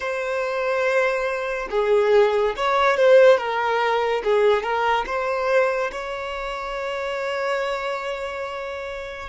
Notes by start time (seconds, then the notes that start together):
0.00 C5
1.70 G#4
2.56 C#5
2.96 C5
3.37 A#4
4.24 G#4
4.62 A#4
5.06 C5
5.92 C#5